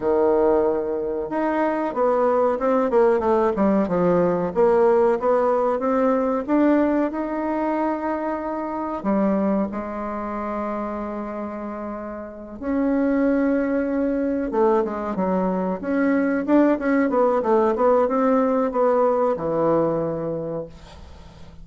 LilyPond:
\new Staff \with { instrumentName = "bassoon" } { \time 4/4 \tempo 4 = 93 dis2 dis'4 b4 | c'8 ais8 a8 g8 f4 ais4 | b4 c'4 d'4 dis'4~ | dis'2 g4 gis4~ |
gis2.~ gis8 cis'8~ | cis'2~ cis'8 a8 gis8 fis8~ | fis8 cis'4 d'8 cis'8 b8 a8 b8 | c'4 b4 e2 | }